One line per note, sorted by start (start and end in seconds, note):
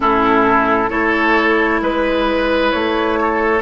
0.00 0.90 A2
0.00 0.89 C#4
0.00 0.90 E4
0.00 0.89 A4
0.89 1.81 A3
0.89 3.61 E4
0.89 1.81 A4
0.89 1.80 C#5
1.81 2.72 G#3
1.81 2.71 B4
1.81 3.19 B4
2.71 3.61 A3
2.71 3.61 C#5
3.20 3.61 A4